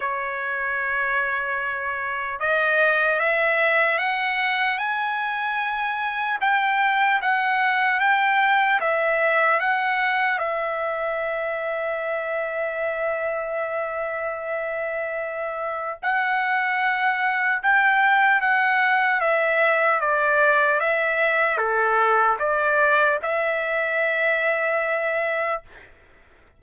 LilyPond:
\new Staff \with { instrumentName = "trumpet" } { \time 4/4 \tempo 4 = 75 cis''2. dis''4 | e''4 fis''4 gis''2 | g''4 fis''4 g''4 e''4 | fis''4 e''2.~ |
e''1 | fis''2 g''4 fis''4 | e''4 d''4 e''4 a'4 | d''4 e''2. | }